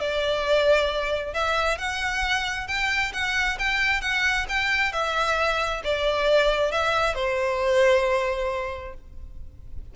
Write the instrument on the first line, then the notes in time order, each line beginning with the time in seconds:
violin
0.00 D5
1.34 E5
1.78 F#5
2.68 G5
3.13 F#5
3.59 G5
4.02 F#5
4.49 G5
4.93 E5
5.84 D5
6.71 E5
7.15 C5